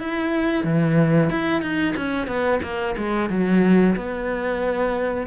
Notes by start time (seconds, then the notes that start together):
0.00 E4
0.64 E3
1.30 E4
1.62 D#4
1.97 C#4
2.27 B3
2.63 A#3
2.98 G#3
3.30 F#3
3.97 B3